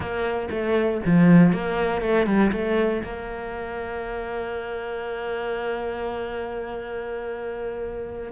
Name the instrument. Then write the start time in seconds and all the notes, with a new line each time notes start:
cello
0.00 A#3
0.50 A3
1.05 F3
1.52 A#3
2.01 A3
2.26 G3
2.52 A3
3.03 A#3